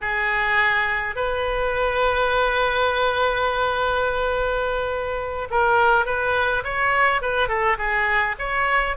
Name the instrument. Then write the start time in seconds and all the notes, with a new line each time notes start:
oboe
0.01 G#4
1.15 B4
5.50 A#4
6.05 B4
6.63 C#5
7.21 B4
7.48 A4
7.77 G#4
8.38 C#5